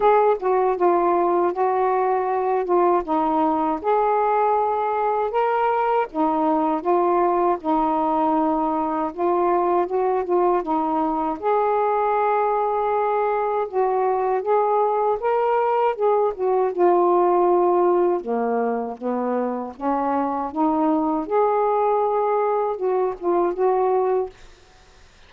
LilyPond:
\new Staff \with { instrumentName = "saxophone" } { \time 4/4 \tempo 4 = 79 gis'8 fis'8 f'4 fis'4. f'8 | dis'4 gis'2 ais'4 | dis'4 f'4 dis'2 | f'4 fis'8 f'8 dis'4 gis'4~ |
gis'2 fis'4 gis'4 | ais'4 gis'8 fis'8 f'2 | ais4 b4 cis'4 dis'4 | gis'2 fis'8 f'8 fis'4 | }